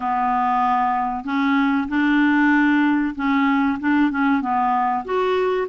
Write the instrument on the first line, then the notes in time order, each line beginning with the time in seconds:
clarinet
0.00 B3
1.24 C#4
1.88 D4
3.15 C#4
3.79 D4
4.11 C#4
4.41 B3
5.04 F#4